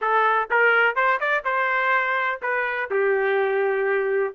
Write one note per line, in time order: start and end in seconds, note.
0.01 0.49 A4
0.50 0.95 A#4
0.95 1.19 C5
1.20 1.44 D5
1.44 2.40 C5
2.42 2.90 B4
2.90 4.34 G4